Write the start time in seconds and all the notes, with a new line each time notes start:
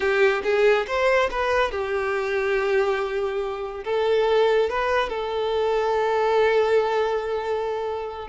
0.00 G4
0.43 G#4
0.87 C5
1.30 B4
1.71 G4
3.84 A4
4.69 B4
5.09 A4